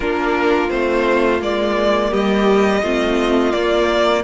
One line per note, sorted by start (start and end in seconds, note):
0.00 0.69 A#3
0.00 0.69 D4
0.00 2.10 F4
0.00 0.69 A#4
0.69 1.40 A3
0.69 1.39 C4
0.69 1.40 C5
1.40 2.11 G#3
1.40 2.81 A#3
1.40 2.13 D5
2.10 2.82 G3
2.10 2.81 G4
2.10 3.52 D#5
2.82 3.53 A3
2.82 3.53 C4
2.82 4.23 F4
3.52 4.23 A#3
3.52 4.24 A#3
3.52 4.22 D5